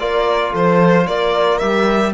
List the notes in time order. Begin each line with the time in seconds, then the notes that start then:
0.00 A#3 F4 A#4 D5
0.52 F3 A4 C5
1.07 A#3 A#4 D5
1.59 G3 G4 E5